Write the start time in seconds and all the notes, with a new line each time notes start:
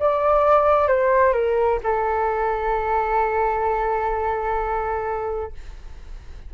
0.00 D5
0.89 C5
1.34 A#4
1.84 A4